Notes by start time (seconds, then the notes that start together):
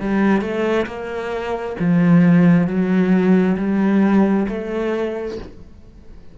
0.00 G3
0.41 A3
0.86 A#3
1.80 F3
2.67 F#3
3.57 G3
4.49 A3